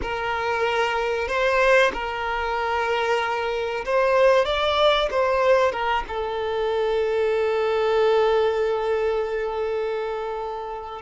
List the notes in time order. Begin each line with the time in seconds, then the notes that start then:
0.01 A#4
1.28 C5
1.93 A#4
3.85 C5
4.45 D5
5.10 C5
5.72 A#4
6.08 A4